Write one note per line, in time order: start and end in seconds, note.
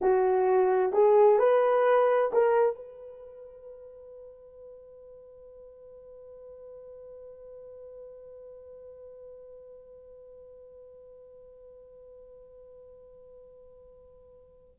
0.01 0.92 F#4
0.92 1.38 G#4
1.38 2.31 B4
2.32 2.75 A#4
2.75 14.75 B4